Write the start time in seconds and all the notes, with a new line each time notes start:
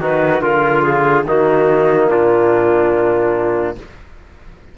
0.00 D#3 D#4 F#4 B4
0.42 D3 F4 A#4
0.83 G#4
1.25 D#3 A#3 D#4 F#4
2.09 A#2 D4 F4